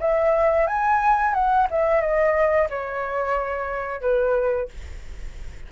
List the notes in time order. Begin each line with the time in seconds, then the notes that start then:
0.00 E5
0.67 G#5
1.34 F#5
1.70 E5
2.01 D#5
2.70 C#5
4.01 B4